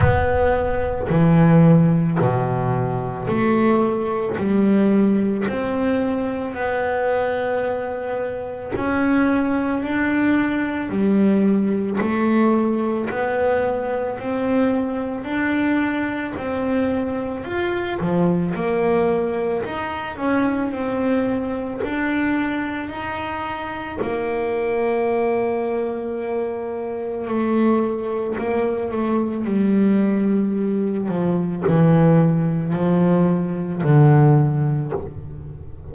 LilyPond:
\new Staff \with { instrumentName = "double bass" } { \time 4/4 \tempo 4 = 55 b4 e4 b,4 a4 | g4 c'4 b2 | cis'4 d'4 g4 a4 | b4 c'4 d'4 c'4 |
f'8 f8 ais4 dis'8 cis'8 c'4 | d'4 dis'4 ais2~ | ais4 a4 ais8 a8 g4~ | g8 f8 e4 f4 d4 | }